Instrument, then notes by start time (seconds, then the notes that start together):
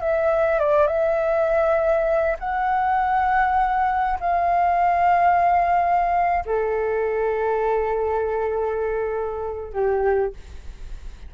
flute
0.00 E5
0.59 D5
0.87 E5
2.39 F#5
4.20 F5
6.45 A4
9.73 G4